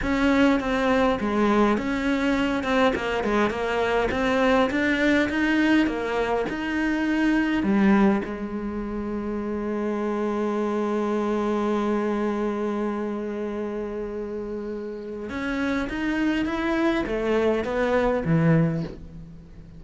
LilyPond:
\new Staff \with { instrumentName = "cello" } { \time 4/4 \tempo 4 = 102 cis'4 c'4 gis4 cis'4~ | cis'8 c'8 ais8 gis8 ais4 c'4 | d'4 dis'4 ais4 dis'4~ | dis'4 g4 gis2~ |
gis1~ | gis1~ | gis2 cis'4 dis'4 | e'4 a4 b4 e4 | }